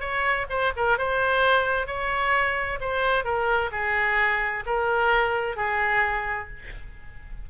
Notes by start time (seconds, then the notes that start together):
0.00 C#5
0.50 C5
0.77 A#4
0.98 C5
1.87 C#5
2.81 C5
3.25 A#4
3.72 G#4
4.66 A#4
5.57 G#4